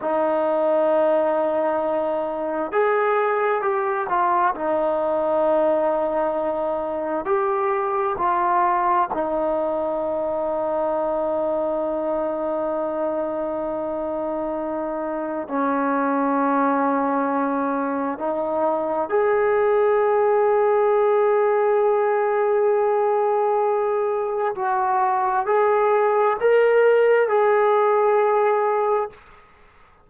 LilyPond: \new Staff \with { instrumentName = "trombone" } { \time 4/4 \tempo 4 = 66 dis'2. gis'4 | g'8 f'8 dis'2. | g'4 f'4 dis'2~ | dis'1~ |
dis'4 cis'2. | dis'4 gis'2.~ | gis'2. fis'4 | gis'4 ais'4 gis'2 | }